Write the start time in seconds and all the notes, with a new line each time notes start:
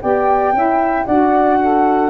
0.00 B3 G4 D5 G5
0.53 C#4 E4 E5
1.05 D4 F#4 D5 F#5
1.60 A4